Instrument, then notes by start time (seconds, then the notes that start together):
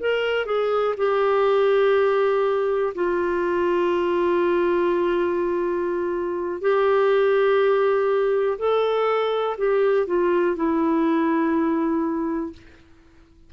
clarinet
0.00 A#4
0.46 G#4
0.97 G4
2.96 F4
6.62 G4
8.59 A4
9.58 G4
10.07 F4
10.56 E4